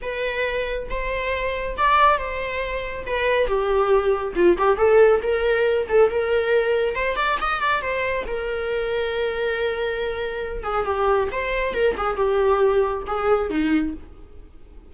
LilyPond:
\new Staff \with { instrumentName = "viola" } { \time 4/4 \tempo 4 = 138 b'2 c''2 | d''4 c''2 b'4 | g'2 f'8 g'8 a'4 | ais'4. a'8 ais'2 |
c''8 d''8 dis''8 d''8 c''4 ais'4~ | ais'1~ | ais'8 gis'8 g'4 c''4 ais'8 gis'8 | g'2 gis'4 dis'4 | }